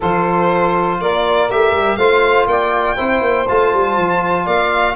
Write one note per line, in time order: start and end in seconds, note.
0.00 1.00 F3
0.00 1.50 F4
0.00 0.97 A4
0.00 1.00 C5
1.00 1.48 A#3
1.00 1.97 A#4
1.00 1.50 D5
1.48 1.71 A3
1.48 1.99 G4
1.48 1.96 E5
1.71 1.96 G3
1.96 2.46 A3
1.96 2.96 F4
1.96 2.47 C5
1.96 2.45 F5
2.46 2.96 A#3
2.46 2.95 D5
2.46 3.47 G5
2.95 3.20 C4
2.95 3.46 E4
2.95 4.44 C5
3.20 3.45 A#3
3.48 3.73 A3
3.48 4.96 F4
3.48 4.46 A5
3.73 3.97 G3
3.97 4.46 F3
4.44 4.96 A#3
4.44 4.93 D5
4.44 4.96 F5